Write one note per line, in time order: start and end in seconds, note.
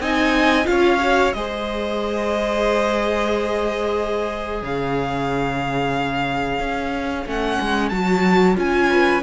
0.00 0.66 C4
0.00 0.65 D#4
0.00 0.67 D#5
0.00 0.67 G#5
0.65 1.33 C#4
0.65 0.98 F4
0.65 1.36 C#5
0.65 1.33 F5
1.01 1.34 F#4
1.33 4.62 G#3
1.33 7.26 G#4
1.33 4.62 C5
1.33 4.62 D#5
4.62 6.59 C#3
4.62 8.90 C#5
4.62 7.28 F5
6.59 7.25 C#4
7.26 7.59 A3
7.26 7.91 C#4
7.26 7.89 F#5
7.60 7.91 G#3
7.89 8.57 F#3
7.89 8.55 F#4
7.89 8.55 A5
8.55 9.23 C#4
8.55 9.21 F4
8.55 9.23 G#5
8.90 9.23 B4